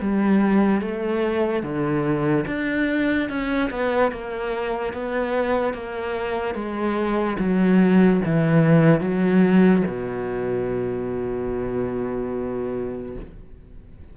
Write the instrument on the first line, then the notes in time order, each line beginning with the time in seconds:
cello
0.00 G3
0.81 A3
1.63 D3
2.47 D4
3.29 C#4
3.70 B3
4.12 A#3
4.93 B3
5.73 A#3
6.55 G#3
7.39 F#3
8.25 E3
9.00 F#3
9.87 B2